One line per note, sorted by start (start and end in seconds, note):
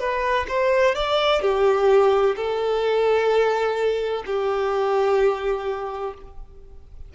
0.00 0.47 B4
0.49 0.96 C5
0.96 1.42 D5
1.42 2.36 G4
2.37 4.24 A4
4.27 6.14 G4